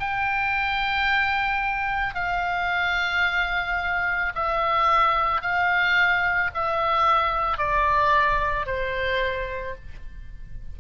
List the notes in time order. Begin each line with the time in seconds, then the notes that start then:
0.00 G5
2.15 F5
4.35 E5
5.42 F5
6.55 E5
7.58 D5
8.67 C5